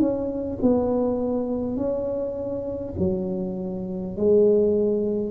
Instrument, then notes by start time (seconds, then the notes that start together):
tuba
0.00 C#4
0.62 B3
1.77 C#4
2.99 F#3
4.17 G#3